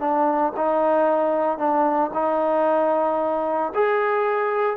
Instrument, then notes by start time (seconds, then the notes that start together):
trombone
0.00 D4
0.57 D#4
1.58 D4
2.14 D#4
3.75 G#4